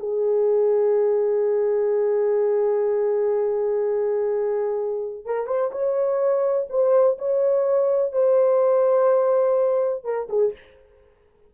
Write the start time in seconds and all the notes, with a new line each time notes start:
0.00 G#4
5.26 A#4
5.47 C5
5.72 C#5
6.70 C5
7.19 C#5
8.13 C5
10.05 A#4
10.29 G#4